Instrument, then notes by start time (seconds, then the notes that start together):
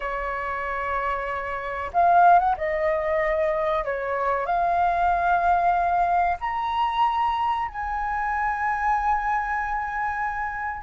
flute
0.00 C#5
1.93 F5
2.39 F#5
2.57 D#5
3.84 C#5
4.46 F5
6.40 A#5
7.68 G#5